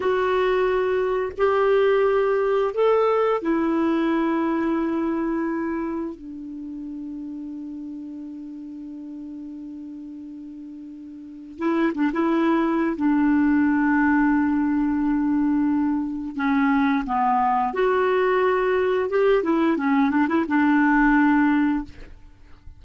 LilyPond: \new Staff \with { instrumentName = "clarinet" } { \time 4/4 \tempo 4 = 88 fis'2 g'2 | a'4 e'2.~ | e'4 d'2.~ | d'1~ |
d'4 e'8 d'16 e'4~ e'16 d'4~ | d'1 | cis'4 b4 fis'2 | g'8 e'8 cis'8 d'16 e'16 d'2 | }